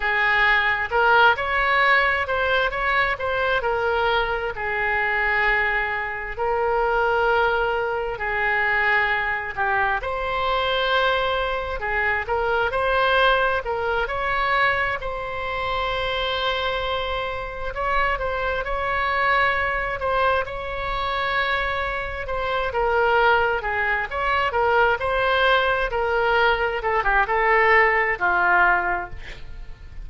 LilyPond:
\new Staff \with { instrumentName = "oboe" } { \time 4/4 \tempo 4 = 66 gis'4 ais'8 cis''4 c''8 cis''8 c''8 | ais'4 gis'2 ais'4~ | ais'4 gis'4. g'8 c''4~ | c''4 gis'8 ais'8 c''4 ais'8 cis''8~ |
cis''8 c''2. cis''8 | c''8 cis''4. c''8 cis''4.~ | cis''8 c''8 ais'4 gis'8 cis''8 ais'8 c''8~ | c''8 ais'4 a'16 g'16 a'4 f'4 | }